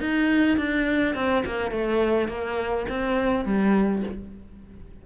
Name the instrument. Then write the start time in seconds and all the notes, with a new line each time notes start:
cello
0.00 D#4
0.57 D4
1.15 C4
1.46 A#3
1.71 A3
2.28 A#3
2.89 C4
3.45 G3